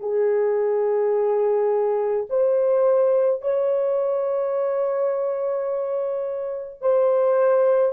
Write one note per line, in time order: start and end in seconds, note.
0.00 2.26 G#4
2.30 3.42 C5
3.42 6.81 C#5
6.81 7.93 C5